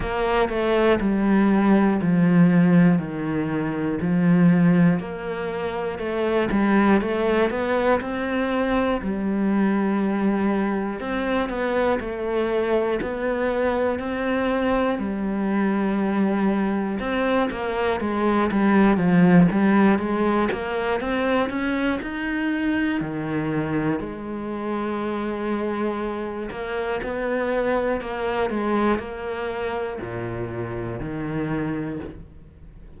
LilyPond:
\new Staff \with { instrumentName = "cello" } { \time 4/4 \tempo 4 = 60 ais8 a8 g4 f4 dis4 | f4 ais4 a8 g8 a8 b8 | c'4 g2 c'8 b8 | a4 b4 c'4 g4~ |
g4 c'8 ais8 gis8 g8 f8 g8 | gis8 ais8 c'8 cis'8 dis'4 dis4 | gis2~ gis8 ais8 b4 | ais8 gis8 ais4 ais,4 dis4 | }